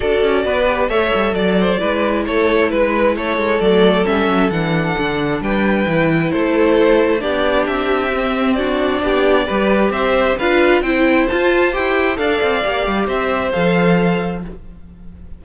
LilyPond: <<
  \new Staff \with { instrumentName = "violin" } { \time 4/4 \tempo 4 = 133 d''2 e''4 d''4~ | d''4 cis''4 b'4 cis''4 | d''4 e''4 fis''2 | g''2 c''2 |
d''4 e''2 d''4~ | d''2 e''4 f''4 | g''4 a''4 g''4 f''4~ | f''4 e''4 f''2 | }
  \new Staff \with { instrumentName = "violin" } { \time 4/4 a'4 b'4 cis''4 d''8 c''8 | b'4 a'4 b'4 a'4~ | a'1 | b'2 a'2 |
g'2. fis'4 | g'4 b'4 c''4 b'4 | c''2. d''4~ | d''4 c''2. | }
  \new Staff \with { instrumentName = "viola" } { \time 4/4 fis'4. g'8 a'2 | e'1 | a4 cis'4 d'2~ | d'4 e'2. |
d'2 c'4 d'4~ | d'4 g'2 f'4 | e'4 f'4 g'4 a'4 | g'2 a'2 | }
  \new Staff \with { instrumentName = "cello" } { \time 4/4 d'8 cis'8 b4 a8 g8 fis4 | gis4 a4 gis4 a8 gis8 | fis4 g8 fis8 e4 d4 | g4 e4 a2 |
b4 c'2. | b4 g4 c'4 d'4 | c'4 f'4 e'4 d'8 c'8 | ais8 g8 c'4 f2 | }
>>